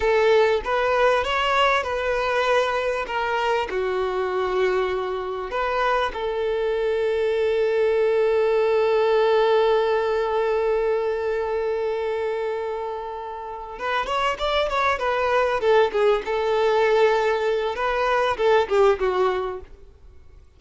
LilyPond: \new Staff \with { instrumentName = "violin" } { \time 4/4 \tempo 4 = 98 a'4 b'4 cis''4 b'4~ | b'4 ais'4 fis'2~ | fis'4 b'4 a'2~ | a'1~ |
a'1~ | a'2~ a'8 b'8 cis''8 d''8 | cis''8 b'4 a'8 gis'8 a'4.~ | a'4 b'4 a'8 g'8 fis'4 | }